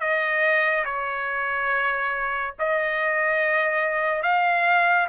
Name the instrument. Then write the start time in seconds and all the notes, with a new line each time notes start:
trumpet
0.00 D#5
0.85 C#5
2.59 D#5
4.23 F5